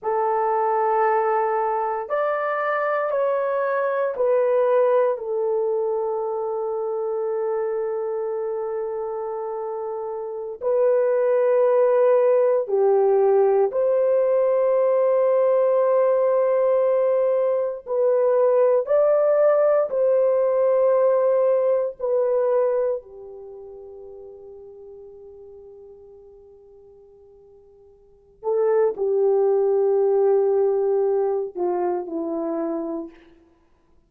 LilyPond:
\new Staff \with { instrumentName = "horn" } { \time 4/4 \tempo 4 = 58 a'2 d''4 cis''4 | b'4 a'2.~ | a'2~ a'16 b'4.~ b'16~ | b'16 g'4 c''2~ c''8.~ |
c''4~ c''16 b'4 d''4 c''8.~ | c''4~ c''16 b'4 g'4.~ g'16~ | g'2.~ g'8 a'8 | g'2~ g'8 f'8 e'4 | }